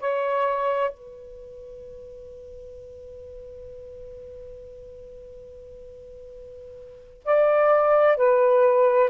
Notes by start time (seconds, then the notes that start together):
0.00 C#5
0.91 B4
7.25 D5
8.17 B4